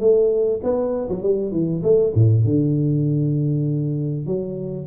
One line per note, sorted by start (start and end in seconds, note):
0.00 0.61 A3
0.63 1.09 B3
1.09 1.23 F#3
1.23 1.52 G3
1.52 1.82 E3
1.83 2.13 A3
2.15 2.45 A2
2.45 4.26 D3
4.26 4.87 F#3